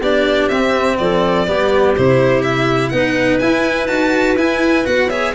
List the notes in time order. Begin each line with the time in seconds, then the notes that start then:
0.00 B3 D4 G4 D5
0.48 C4 E5
0.98 F3 A4 D5
1.47 G3 B3 G4
1.97 C3 E4 C5
2.42 E5
2.89 B3 D#4 B4 F#5
3.39 E4 G#5
3.87 D#4 F#4 A5
4.36 E4 G#5
4.85 B3 F#4 F#5
5.09 G#4 C#5 E5